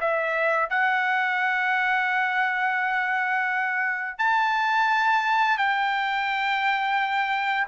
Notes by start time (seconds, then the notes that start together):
0.00 E5
0.69 F#5
4.18 A5
5.57 G5